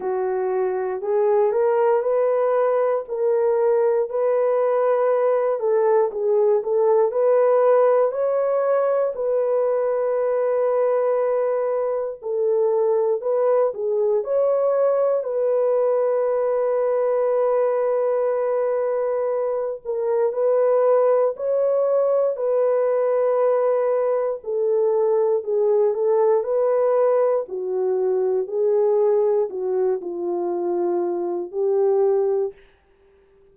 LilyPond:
\new Staff \with { instrumentName = "horn" } { \time 4/4 \tempo 4 = 59 fis'4 gis'8 ais'8 b'4 ais'4 | b'4. a'8 gis'8 a'8 b'4 | cis''4 b'2. | a'4 b'8 gis'8 cis''4 b'4~ |
b'2.~ b'8 ais'8 | b'4 cis''4 b'2 | a'4 gis'8 a'8 b'4 fis'4 | gis'4 fis'8 f'4. g'4 | }